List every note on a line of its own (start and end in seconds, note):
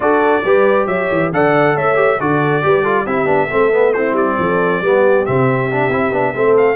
0.00 0.42 D4
0.00 0.43 F#4
0.00 0.44 A4
0.00 0.86 D5
0.44 0.87 G3
0.44 1.33 G4
0.44 0.86 B4
0.86 1.08 F#3
0.86 1.29 C#5
0.86 1.30 E5
1.11 1.32 E3
1.32 1.75 D3
1.32 1.95 A4
1.32 1.75 D5
1.32 1.77 F#5
1.75 2.19 A3
1.75 2.19 C#5
1.75 2.20 E5
1.95 2.17 G4
2.19 2.64 D3
2.19 2.62 F#4
2.19 2.65 A4
2.19 3.06 D5
2.62 3.06 G3
2.62 2.84 G4
2.62 2.82 B4
2.82 3.06 F4
2.82 3.04 A4
3.05 3.25 C4
3.05 3.25 E4
3.05 3.49 G4
3.05 3.93 E5
3.25 3.47 B3
3.25 3.47 D4
3.50 4.12 A3
3.50 3.72 C4
3.50 3.94 A4
3.72 3.94 B3
3.93 4.83 C4
3.93 4.38 E4
3.93 4.15 C5
4.12 4.34 G3
4.12 5.25 D5
4.38 4.81 F3
4.38 4.81 A4
4.81 5.24 G3
4.81 5.26 B3
4.81 6.34 G4
5.25 5.88 C3
5.25 5.70 C4
5.25 6.57 E5
5.71 5.91 D4
5.88 6.10 C4
5.88 6.12 E4
6.11 6.33 B3
6.11 6.34 D4
6.34 6.75 A3
6.34 6.75 C4
6.34 6.75 A4
6.57 6.75 F5